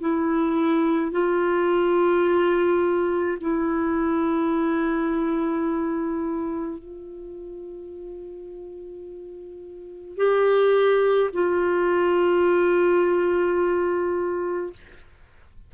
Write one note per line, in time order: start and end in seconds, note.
0.00 1.11 E4
1.11 3.38 F4
3.40 6.78 E4
6.78 10.16 F4
10.16 11.30 G4
11.33 14.72 F4